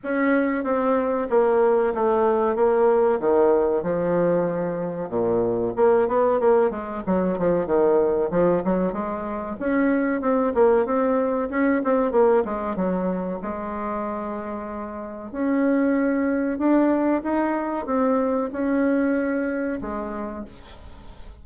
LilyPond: \new Staff \with { instrumentName = "bassoon" } { \time 4/4 \tempo 4 = 94 cis'4 c'4 ais4 a4 | ais4 dis4 f2 | ais,4 ais8 b8 ais8 gis8 fis8 f8 | dis4 f8 fis8 gis4 cis'4 |
c'8 ais8 c'4 cis'8 c'8 ais8 gis8 | fis4 gis2. | cis'2 d'4 dis'4 | c'4 cis'2 gis4 | }